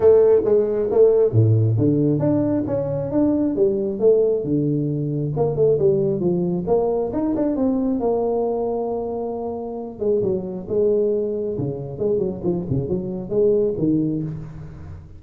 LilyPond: \new Staff \with { instrumentName = "tuba" } { \time 4/4 \tempo 4 = 135 a4 gis4 a4 a,4 | d4 d'4 cis'4 d'4 | g4 a4 d2 | ais8 a8 g4 f4 ais4 |
dis'8 d'8 c'4 ais2~ | ais2~ ais8 gis8 fis4 | gis2 cis4 gis8 fis8 | f8 cis8 fis4 gis4 dis4 | }